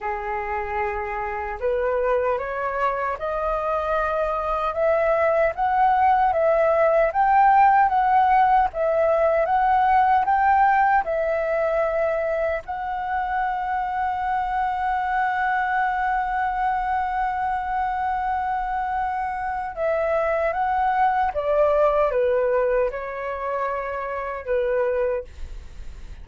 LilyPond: \new Staff \with { instrumentName = "flute" } { \time 4/4 \tempo 4 = 76 gis'2 b'4 cis''4 | dis''2 e''4 fis''4 | e''4 g''4 fis''4 e''4 | fis''4 g''4 e''2 |
fis''1~ | fis''1~ | fis''4 e''4 fis''4 d''4 | b'4 cis''2 b'4 | }